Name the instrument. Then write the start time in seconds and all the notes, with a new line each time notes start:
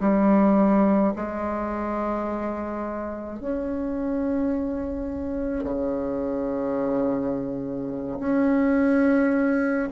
bassoon
0.00 G3
1.16 G#3
3.40 C#4
5.64 C#3
8.19 C#4